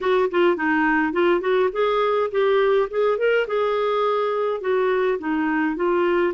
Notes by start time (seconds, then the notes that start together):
0.00 F#4
0.30 F4
0.56 D#4
1.12 F4
1.40 F#4
1.72 G#4
2.31 G4
2.90 G#4
3.17 A#4
3.47 G#4
4.60 F#4
5.18 D#4
5.75 F4